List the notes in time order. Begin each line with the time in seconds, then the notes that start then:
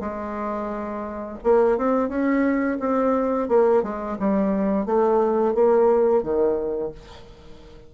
0.00 G#3
1.44 A#3
1.78 C4
2.09 C#4
2.80 C4
3.49 A#3
3.83 G#3
4.19 G3
4.86 A3
5.55 A#3
6.23 D#3